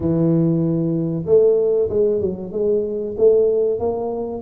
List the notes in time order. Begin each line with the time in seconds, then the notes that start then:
0.00 E3
1.26 A3
1.89 G#3
2.20 F#3
2.52 G#3
3.17 A3
3.79 A#3